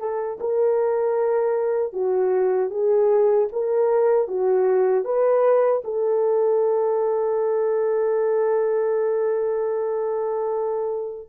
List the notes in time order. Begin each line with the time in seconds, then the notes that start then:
0.00 A4
0.41 A#4
1.93 F#4
2.71 G#4
3.53 A#4
4.28 F#4
5.05 B4
5.85 A4